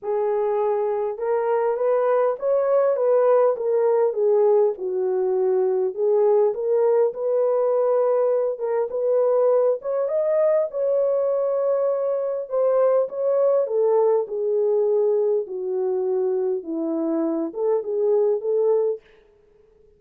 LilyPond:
\new Staff \with { instrumentName = "horn" } { \time 4/4 \tempo 4 = 101 gis'2 ais'4 b'4 | cis''4 b'4 ais'4 gis'4 | fis'2 gis'4 ais'4 | b'2~ b'8 ais'8 b'4~ |
b'8 cis''8 dis''4 cis''2~ | cis''4 c''4 cis''4 a'4 | gis'2 fis'2 | e'4. a'8 gis'4 a'4 | }